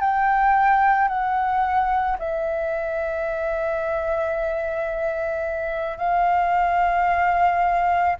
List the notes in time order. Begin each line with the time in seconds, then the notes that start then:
0.00 G5
1.08 F#5
2.19 E5
5.98 F5